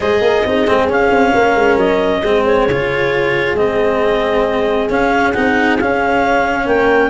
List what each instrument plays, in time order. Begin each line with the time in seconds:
0.00 tuba G#3, cello G#4, horn C5, clarinet D#5
0.21 tuba A#3, horn A#4
0.45 tuba C4, cello D#4, horn G#4
0.67 tuba G#3, cello C4
0.86 tuba C#4, cello C#4, clarinet F5
1.11 tuba C4
1.32 tuba A#3, horn A#4
1.54 tuba G#3
1.76 tuba F#3, clarinet D#5
2.20 tuba G#3, cello C4, horn G#4
2.45 clarinet C#5
2.67 tuba C#3, cello F4
3.54 tuba G#3, cello C4, clarinet D#5
4.89 tuba C#4, cello C#4, clarinet F5
5.32 tuba C4, cello D#4, clarinet F#5
5.79 cello C#4, tuba C#4, clarinet F5
6.65 tuba A#3, horn A#4, clarinet G5